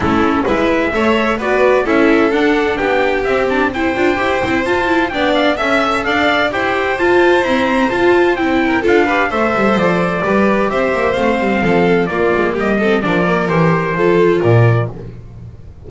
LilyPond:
<<
  \new Staff \with { instrumentName = "trumpet" } { \time 4/4 \tempo 4 = 129 a'4 e''2 d''4 | e''4 fis''4 g''4 e''8 a''8 | g''2 a''4 g''8 f''8 | e''4 f''4 g''4 a''4 |
ais''4 a''4 g''4 f''4 | e''4 d''2 e''4 | f''2 d''4 dis''4 | d''4 c''2 d''4 | }
  \new Staff \with { instrumentName = "violin" } { \time 4/4 e'4 b'4 cis''4 b'4 | a'2 g'2 | c''2. d''4 | e''4 d''4 c''2~ |
c''2~ c''8 ais'8 a'8 b'8 | c''2 b'4 c''4~ | c''4 a'4 f'4 g'8 a'8 | ais'2 a'4 ais'4 | }
  \new Staff \with { instrumentName = "viola" } { \time 4/4 cis'4 e'4 a'4 fis'4 | e'4 d'2 c'8 d'8 | e'8 f'8 g'8 e'8 f'8 e'8 d'4 | a'2 g'4 f'4 |
c'4 f'4 e'4 f'8 g'8 | a'2 g'2 | c'2 ais4. c'8 | d'8 ais8 g'4 f'2 | }
  \new Staff \with { instrumentName = "double bass" } { \time 4/4 a4 gis4 a4 b4 | cis'4 d'4 b4 c'4~ | c'8 d'8 e'8 c'8 f'4 b4 | cis'4 d'4 e'4 f'4 |
e'4 f'4 c'4 d'4 | a8 g8 f4 g4 c'8 ais8 | a8 g8 f4 ais8 gis8 g4 | f4 e4 f4 ais,4 | }
>>